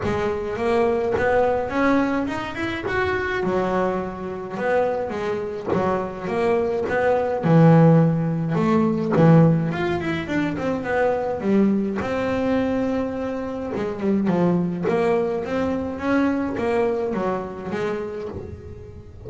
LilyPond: \new Staff \with { instrumentName = "double bass" } { \time 4/4 \tempo 4 = 105 gis4 ais4 b4 cis'4 | dis'8 e'8 fis'4 fis2 | b4 gis4 fis4 ais4 | b4 e2 a4 |
e4 f'8 e'8 d'8 c'8 b4 | g4 c'2. | gis8 g8 f4 ais4 c'4 | cis'4 ais4 fis4 gis4 | }